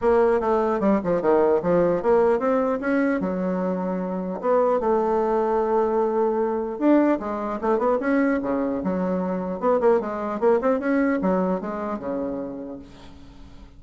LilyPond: \new Staff \with { instrumentName = "bassoon" } { \time 4/4 \tempo 4 = 150 ais4 a4 g8 f8 dis4 | f4 ais4 c'4 cis'4 | fis2. b4 | a1~ |
a4 d'4 gis4 a8 b8 | cis'4 cis4 fis2 | b8 ais8 gis4 ais8 c'8 cis'4 | fis4 gis4 cis2 | }